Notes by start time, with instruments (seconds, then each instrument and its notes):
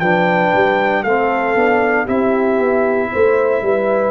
0.00 tuba F3, trombone D4, horn B4, trumpet G5
0.55 tuba G3
1.03 tuba A3, trombone C4, horn A4, trumpet F5
1.56 tuba B3, trombone D4
2.05 tuba C4, trombone E4, horn G4, trumpet E5
2.59 tuba B3
3.12 tuba A3, horn C5
3.62 tuba G3, horn B4